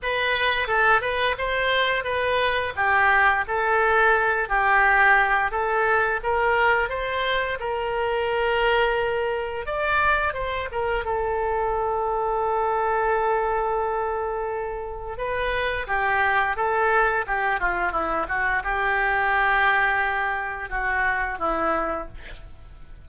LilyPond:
\new Staff \with { instrumentName = "oboe" } { \time 4/4 \tempo 4 = 87 b'4 a'8 b'8 c''4 b'4 | g'4 a'4. g'4. | a'4 ais'4 c''4 ais'4~ | ais'2 d''4 c''8 ais'8 |
a'1~ | a'2 b'4 g'4 | a'4 g'8 f'8 e'8 fis'8 g'4~ | g'2 fis'4 e'4 | }